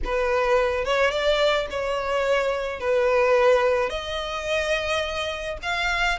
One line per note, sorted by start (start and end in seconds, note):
0.04 0.85 B4
0.85 1.10 C#5
1.10 1.66 D5
1.70 2.80 C#5
2.80 3.89 B4
3.89 5.57 D#5
5.62 6.18 F5